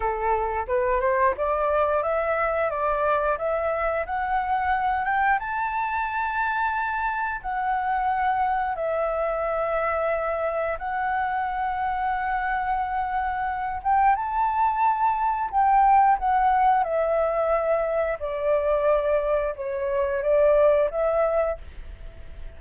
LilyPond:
\new Staff \with { instrumentName = "flute" } { \time 4/4 \tempo 4 = 89 a'4 b'8 c''8 d''4 e''4 | d''4 e''4 fis''4. g''8 | a''2. fis''4~ | fis''4 e''2. |
fis''1~ | fis''8 g''8 a''2 g''4 | fis''4 e''2 d''4~ | d''4 cis''4 d''4 e''4 | }